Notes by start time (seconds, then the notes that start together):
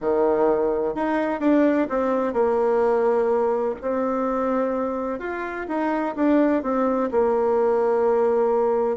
0.00 D#3
0.94 D#4
1.40 D4
1.89 C4
2.33 A#3
3.81 C4
5.19 F4
5.67 D#4
6.15 D4
6.62 C4
7.11 A#3